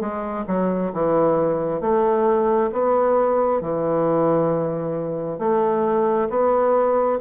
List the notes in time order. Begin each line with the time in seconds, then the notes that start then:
0.00 G#3
0.47 F#3
0.93 E3
1.80 A3
2.72 B3
3.61 E3
5.39 A3
6.29 B3